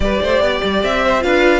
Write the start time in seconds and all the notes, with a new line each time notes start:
0.00 G3 G4 B4 D5
0.22 A3 C5
0.40 B3 D5
0.63 G3
0.83 C4 E5
1.04 C5
1.19 D4 F4 B4 F5